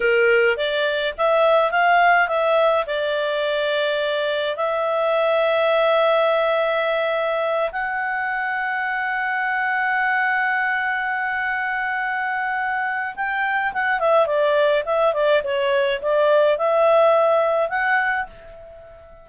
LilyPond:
\new Staff \with { instrumentName = "clarinet" } { \time 4/4 \tempo 4 = 105 ais'4 d''4 e''4 f''4 | e''4 d''2. | e''1~ | e''4. fis''2~ fis''8~ |
fis''1~ | fis''2. g''4 | fis''8 e''8 d''4 e''8 d''8 cis''4 | d''4 e''2 fis''4 | }